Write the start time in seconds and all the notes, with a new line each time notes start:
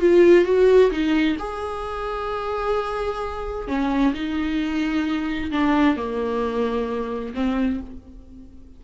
0.00 F4
0.45 F#4
0.91 D#4
1.39 G#4
3.68 C#4
4.14 D#4
5.51 D4
5.96 A#3
7.34 C4